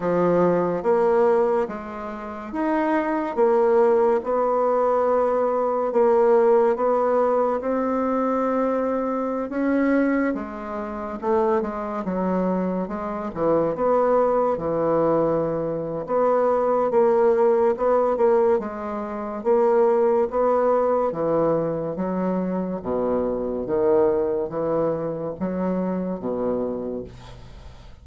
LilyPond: \new Staff \with { instrumentName = "bassoon" } { \time 4/4 \tempo 4 = 71 f4 ais4 gis4 dis'4 | ais4 b2 ais4 | b4 c'2~ c'16 cis'8.~ | cis'16 gis4 a8 gis8 fis4 gis8 e16~ |
e16 b4 e4.~ e16 b4 | ais4 b8 ais8 gis4 ais4 | b4 e4 fis4 b,4 | dis4 e4 fis4 b,4 | }